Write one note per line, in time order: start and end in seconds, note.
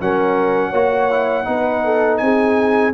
0.00 0.72 F#3
0.00 0.73 C#4
0.00 0.70 A#4
0.00 2.17 F#5
0.70 1.46 A#3
0.70 1.10 F#4
0.70 1.44 C#5
1.10 1.44 E4
1.44 2.21 B3
1.44 2.92 D#4
1.44 1.84 B4
1.84 2.21 A4
2.17 2.94 C4
2.17 2.94 G#4
2.17 2.91 G#5